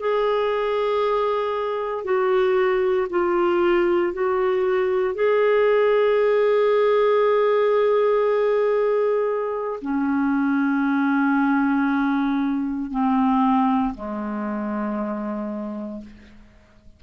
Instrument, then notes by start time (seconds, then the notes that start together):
clarinet
0.00 G#4
2.05 F#4
3.10 F4
4.13 F#4
5.15 G#4
9.81 C#4
12.91 C4
13.95 G#3